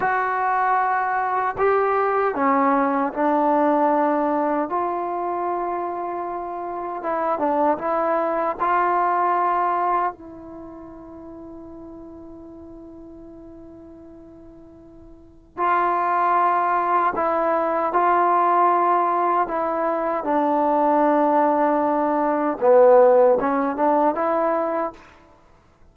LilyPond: \new Staff \with { instrumentName = "trombone" } { \time 4/4 \tempo 4 = 77 fis'2 g'4 cis'4 | d'2 f'2~ | f'4 e'8 d'8 e'4 f'4~ | f'4 e'2.~ |
e'1 | f'2 e'4 f'4~ | f'4 e'4 d'2~ | d'4 b4 cis'8 d'8 e'4 | }